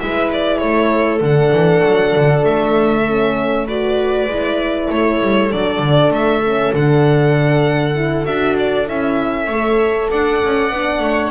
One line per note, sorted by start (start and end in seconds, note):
0.00 0.62 G#3
0.00 1.22 E4
0.00 0.61 B4
0.00 0.31 E5
0.33 0.58 D5
0.58 1.21 A3
0.58 3.67 A4
0.58 1.20 C#5
1.21 1.52 D3
1.21 3.07 D4
1.21 2.45 F#5
1.53 1.83 E3
1.85 2.16 F#3
2.17 2.44 D3
2.44 4.26 A3
2.44 3.67 E5
3.08 3.68 C#4
3.67 4.29 F#4
3.67 4.89 B4
3.67 4.91 D5
4.26 4.88 G#3
4.26 5.52 E4
4.90 5.21 A3
4.90 9.47 A4
4.90 5.52 C#5
5.21 5.52 G3
5.52 5.79 F#3
5.52 6.44 D4
5.52 6.13 D5
5.79 6.10 D3
6.10 6.72 A3
6.10 6.75 E5
6.45 6.76 C#4
6.73 8.26 D3
6.73 7.95 D4
6.73 8.26 F#5
7.95 8.25 E4
8.25 8.89 D4
8.25 8.86 F#4
8.25 8.57 E5
8.59 8.89 D5
8.86 9.48 C#4
8.86 9.47 E4
8.86 10.11 E5
9.47 10.09 A3
9.47 10.74 A4
9.47 10.08 C#5
10.11 10.43 D4
10.11 11.01 D5
10.11 11.32 F#5
10.44 10.71 C#4
10.71 11.00 B3
10.71 11.32 D4
11.00 11.30 A3
11.00 11.32 C#5